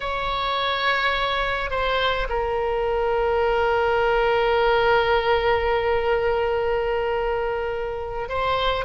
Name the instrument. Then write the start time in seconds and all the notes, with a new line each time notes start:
oboe
0.00 C#5
1.70 C5
2.29 A#4
8.28 C5